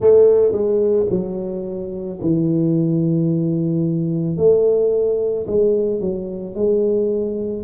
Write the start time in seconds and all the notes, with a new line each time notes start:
0.00 A3
0.52 G#3
1.10 F#3
2.21 E3
4.36 A3
5.46 G#3
6.00 F#3
6.55 G#3